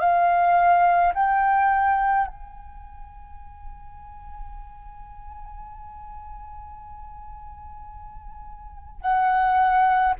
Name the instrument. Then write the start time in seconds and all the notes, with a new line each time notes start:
flute
0.00 F5
1.14 G5
2.27 G#5
9.01 F#5